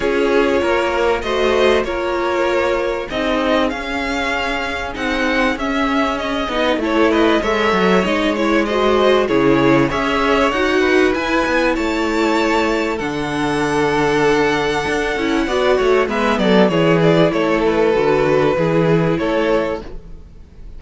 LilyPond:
<<
  \new Staff \with { instrumentName = "violin" } { \time 4/4 \tempo 4 = 97 cis''2 dis''4 cis''4~ | cis''4 dis''4 f''2 | fis''4 e''4 dis''4 cis''8 dis''8 | e''4 dis''8 cis''8 dis''4 cis''4 |
e''4 fis''4 gis''4 a''4~ | a''4 fis''2.~ | fis''2 e''8 d''8 cis''8 d''8 | cis''8 b'2~ b'8 cis''4 | }
  \new Staff \with { instrumentName = "violin" } { \time 4/4 gis'4 ais'4 c''4 ais'4~ | ais'4 gis'2.~ | gis'2. a'8 b'8 | cis''2 c''4 gis'4 |
cis''4. b'4. cis''4~ | cis''4 a'2.~ | a'4 d''8 cis''8 b'8 a'8 gis'4 | a'2 gis'4 a'4 | }
  \new Staff \with { instrumentName = "viola" } { \time 4/4 f'2 fis'4 f'4~ | f'4 dis'4 cis'2 | dis'4 cis'4. dis'8 e'4 | a'4 dis'8 e'8 fis'4 e'4 |
gis'4 fis'4 e'2~ | e'4 d'2.~ | d'8 e'8 fis'4 b4 e'4~ | e'4 fis'4 e'2 | }
  \new Staff \with { instrumentName = "cello" } { \time 4/4 cis'4 ais4 a4 ais4~ | ais4 c'4 cis'2 | c'4 cis'4. b8 a4 | gis8 fis8 gis2 cis4 |
cis'4 dis'4 e'8 b8 a4~ | a4 d2. | d'8 cis'8 b8 a8 gis8 fis8 e4 | a4 d4 e4 a4 | }
>>